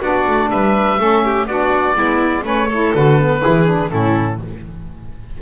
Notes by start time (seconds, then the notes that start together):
0.00 B3 D4 F#4 D5
0.26 A3
0.50 G3 B4 E5
0.97 A3 C#4 A4
1.24 G4
1.46 B3 D4 F#4 D5
1.94 G#3 B3 E4
2.42 A3 C#4 B4 C#5
2.68 E4 A4
2.94 D3 F#4 B4
3.18 B3
3.42 E3 E4 G#4
3.65 D4
3.89 A2 C#4 E4 A4